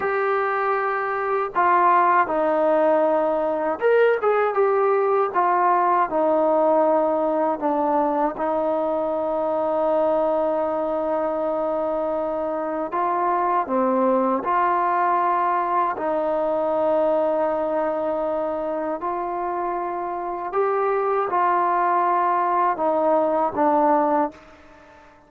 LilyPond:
\new Staff \with { instrumentName = "trombone" } { \time 4/4 \tempo 4 = 79 g'2 f'4 dis'4~ | dis'4 ais'8 gis'8 g'4 f'4 | dis'2 d'4 dis'4~ | dis'1~ |
dis'4 f'4 c'4 f'4~ | f'4 dis'2.~ | dis'4 f'2 g'4 | f'2 dis'4 d'4 | }